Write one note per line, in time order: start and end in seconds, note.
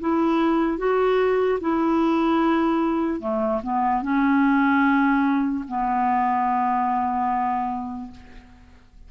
0.00 0.78 E4
0.78 1.59 F#4
1.60 3.20 E4
3.20 3.61 A3
3.63 4.02 B3
4.02 5.64 C#4
5.68 8.11 B3